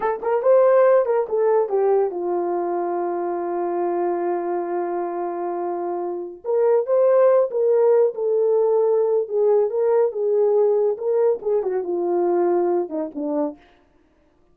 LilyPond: \new Staff \with { instrumentName = "horn" } { \time 4/4 \tempo 4 = 142 a'8 ais'8 c''4. ais'8 a'4 | g'4 f'2.~ | f'1~ | f'2.~ f'16 ais'8.~ |
ais'16 c''4. ais'4. a'8.~ | a'2 gis'4 ais'4 | gis'2 ais'4 gis'8 fis'8 | f'2~ f'8 dis'8 d'4 | }